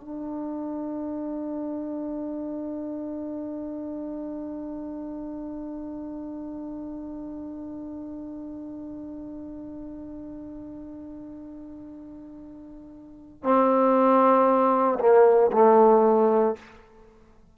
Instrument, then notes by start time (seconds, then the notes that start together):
trombone
0.00 D4
13.43 C4
15.00 A#3
15.52 A3